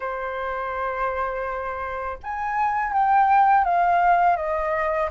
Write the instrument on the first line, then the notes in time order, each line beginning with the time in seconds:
flute
0.00 C5
2.23 G#5
2.93 G5
3.64 F5
4.36 D#5